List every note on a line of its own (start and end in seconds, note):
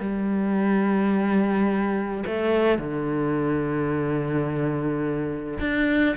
0.00 2.24 G3
2.27 2.79 A3
2.79 5.59 D3
5.59 6.16 D4